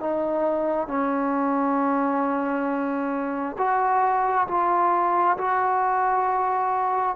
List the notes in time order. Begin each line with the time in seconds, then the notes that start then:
0.00 D#4
0.87 C#4
3.57 F#4
4.47 F4
5.37 F#4